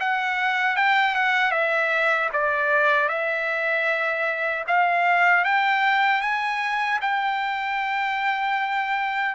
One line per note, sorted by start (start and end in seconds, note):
0.00 0.77 F#5
0.77 1.15 G5
1.15 1.52 F#5
1.52 2.30 E5
2.33 3.09 D5
3.09 4.65 E5
4.68 5.45 F5
5.45 6.22 G5
6.22 7.00 G#5
7.02 9.35 G5